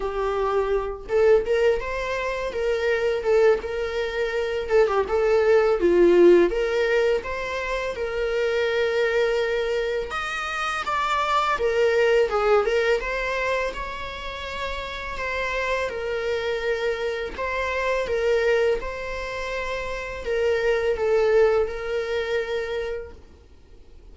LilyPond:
\new Staff \with { instrumentName = "viola" } { \time 4/4 \tempo 4 = 83 g'4. a'8 ais'8 c''4 ais'8~ | ais'8 a'8 ais'4. a'16 g'16 a'4 | f'4 ais'4 c''4 ais'4~ | ais'2 dis''4 d''4 |
ais'4 gis'8 ais'8 c''4 cis''4~ | cis''4 c''4 ais'2 | c''4 ais'4 c''2 | ais'4 a'4 ais'2 | }